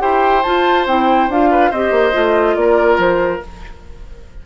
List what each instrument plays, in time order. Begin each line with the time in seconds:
0.00 bassoon E4, clarinet G4, oboe C5, flute G5
0.43 clarinet F4, bassoon F4, flute A5
0.87 bassoon C4, clarinet E4, flute G5
1.29 bassoon D4, clarinet F4, flute F5
1.51 oboe B4
1.71 bassoon C4, clarinet G4, oboe C5, flute D#5
1.91 bassoon A#3
2.13 bassoon A3, clarinet F4
2.56 bassoon A#3, oboe A#4, flute D5
2.98 bassoon F3, flute C5